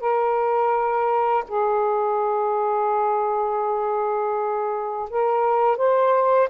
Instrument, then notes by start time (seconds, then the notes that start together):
saxophone
0.00 A#4
1.48 G#4
5.10 A#4
5.77 C5